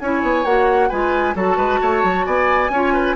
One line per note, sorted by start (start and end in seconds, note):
0.00 0.22 C#4
0.00 0.46 E4
0.00 0.89 C#5
0.00 0.45 G#5
0.22 0.45 B3
0.45 0.90 A#3
0.45 0.91 F#4
0.45 0.89 F#5
0.89 1.35 G#3
0.89 1.35 F4
0.89 1.34 B4
0.89 1.35 G#5
1.35 1.57 F#3
1.35 2.70 F#4
1.35 1.57 A4
1.35 2.26 A5
1.57 1.79 G#3
1.57 1.80 B4
1.82 2.03 A3
1.82 2.26 C#5
2.03 2.26 F#3
2.26 2.70 B3
2.26 2.71 D5
2.26 3.16 G#5
2.70 3.15 C#4
2.70 3.16 F4
2.70 2.93 C#5
2.93 3.16 B4